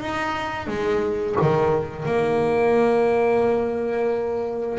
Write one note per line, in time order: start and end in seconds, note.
0.00 0.67 D#4
0.67 1.35 G#3
1.41 2.05 D#3
2.05 4.78 A#3